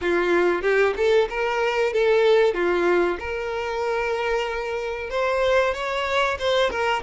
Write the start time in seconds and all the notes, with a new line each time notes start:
0.01 F4
0.62 G4
0.96 A4
1.29 A#4
1.93 A4
2.54 F4
3.19 A#4
5.10 C5
5.74 C#5
6.39 C5
6.70 A#4